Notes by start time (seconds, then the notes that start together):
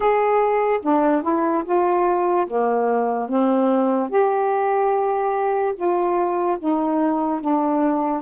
0.00 G#4
0.82 D4
1.22 E4
1.64 F4
2.47 A#3
3.28 C4
4.09 G4
5.75 F4
6.59 D#4
7.40 D4